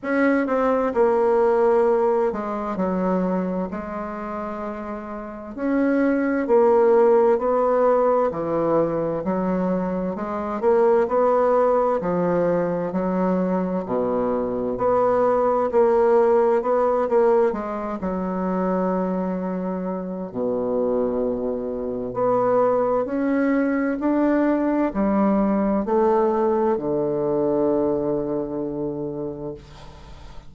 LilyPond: \new Staff \with { instrumentName = "bassoon" } { \time 4/4 \tempo 4 = 65 cis'8 c'8 ais4. gis8 fis4 | gis2 cis'4 ais4 | b4 e4 fis4 gis8 ais8 | b4 f4 fis4 b,4 |
b4 ais4 b8 ais8 gis8 fis8~ | fis2 b,2 | b4 cis'4 d'4 g4 | a4 d2. | }